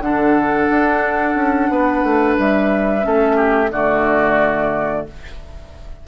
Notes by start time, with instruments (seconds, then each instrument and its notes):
0.00 bassoon D3, clarinet D4, oboe A4, flute F#5
0.70 bassoon D4
1.35 bassoon C#4
1.70 bassoon B3, oboe B4
2.04 bassoon A3
2.38 bassoon G3, flute E5
3.01 bassoon A3, clarinet C#4, oboe A4
3.36 oboe G4
3.71 bassoon D3, clarinet A3, oboe F#4, flute D5